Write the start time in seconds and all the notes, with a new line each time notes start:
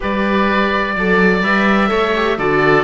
0.00 G3 G4 B4 D5
0.95 F#3 A4 D5
1.42 G3 B4 E5
1.87 A3 A4 C#5
2.15 G4
2.37 D3 F#4 A4 D5